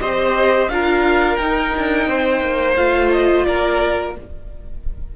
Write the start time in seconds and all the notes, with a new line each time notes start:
0.00 C4 G4 C5 D#5
0.68 D4 F4 A#4 F5
1.36 D#4 G5
1.76 D4
2.06 C4 C5
2.41 A#3
2.76 A3 F4 F5
3.12 D#5
3.44 A#3 A#4 D5